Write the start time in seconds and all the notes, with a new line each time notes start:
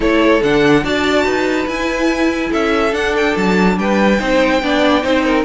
0.00 A3 E4 A4 C#5
0.42 D3 D4 F#5
0.83 D4 F#4 D5 A5
1.24 D#4 B4
1.67 E4 G#5
2.50 C#4 A4 E5
2.91 D4 F#5
3.16 G5
3.36 F#3 A5
3.77 G3 B4 G5
4.19 C4 D#4 C5
4.62 B3 D4 D5
5.02 C4 D#4 C5
5.24 A#4